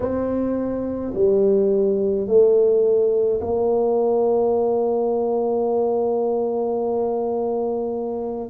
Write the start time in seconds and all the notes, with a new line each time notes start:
0.00 C4
1.14 G3
2.26 A3
3.40 A#3